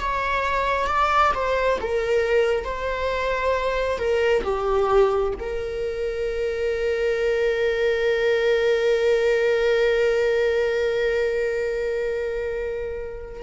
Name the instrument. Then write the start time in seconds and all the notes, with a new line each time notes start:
viola
0.00 C#5
0.87 D5
1.35 C5
1.81 A#4
2.65 C5
3.99 A#4
4.44 G4
5.40 A#4